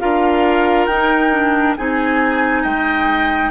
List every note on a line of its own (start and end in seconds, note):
0.00 0.88 D4
0.00 0.90 F4
0.00 1.78 A#4
0.00 0.86 F5
0.86 1.76 D#4
0.86 1.33 D#4
0.86 1.74 G5
1.33 1.77 D4
1.77 2.65 C4
1.77 3.51 D#4
1.77 2.63 G#4
1.77 2.64 G#5
2.63 3.51 G#3
2.63 3.51 D#5
2.63 3.51 G5